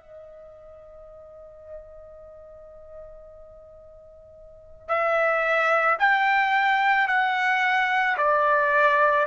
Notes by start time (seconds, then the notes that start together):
0.00 D#5
4.88 E5
5.99 G5
7.08 F#5
8.17 D5